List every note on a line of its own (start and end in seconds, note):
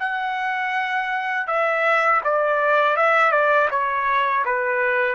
0.00 1.47 F#5
1.47 2.22 E5
2.24 2.97 D5
2.97 3.32 E5
3.32 3.69 D5
3.71 4.45 C#5
4.45 5.15 B4